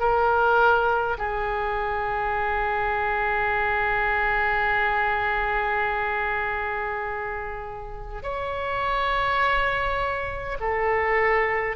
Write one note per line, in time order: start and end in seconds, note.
0.00 1.18 A#4
1.18 8.23 G#4
8.23 10.58 C#5
10.60 11.76 A4